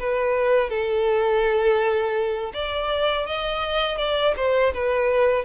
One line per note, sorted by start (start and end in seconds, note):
0.00 0.70 B4
0.70 2.53 A4
2.54 3.27 D5
3.27 3.98 D#5
3.98 4.35 D5
4.37 4.73 C5
4.74 5.45 B4